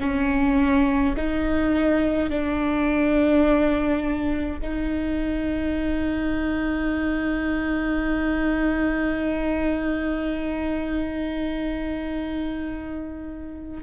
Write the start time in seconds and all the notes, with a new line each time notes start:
0.00 C#4
1.16 D#4
2.30 D4
4.61 D#4